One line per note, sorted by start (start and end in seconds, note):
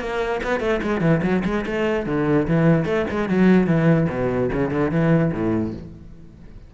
0.00 0.41 A#3
0.43 0.60 B3
0.60 0.80 A3
0.82 1.01 G#3
1.01 1.21 E3
1.23 1.43 F#3
1.45 1.65 G#3
1.66 2.06 A3
2.06 2.47 D3
2.48 2.85 E3
2.85 3.06 A3
3.10 3.29 G#3
3.29 3.67 F#3
3.67 4.08 E3
4.09 4.50 B2
4.53 4.71 C#3
4.71 4.91 D3
4.91 5.32 E3
5.33 5.74 A2